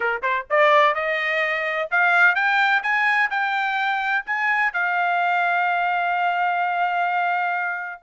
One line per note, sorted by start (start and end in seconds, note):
0.00 0.21 A#4
0.22 0.46 C5
0.49 0.94 D5
0.94 1.89 D#5
1.90 2.35 F5
2.35 2.82 G5
2.82 3.30 G#5
3.30 4.24 G5
4.25 4.73 G#5
4.73 8.02 F5